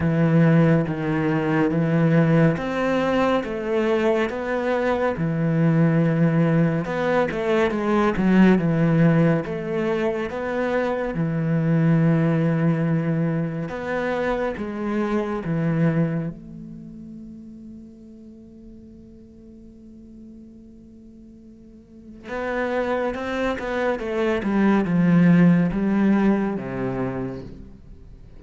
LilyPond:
\new Staff \with { instrumentName = "cello" } { \time 4/4 \tempo 4 = 70 e4 dis4 e4 c'4 | a4 b4 e2 | b8 a8 gis8 fis8 e4 a4 | b4 e2. |
b4 gis4 e4 a4~ | a1~ | a2 b4 c'8 b8 | a8 g8 f4 g4 c4 | }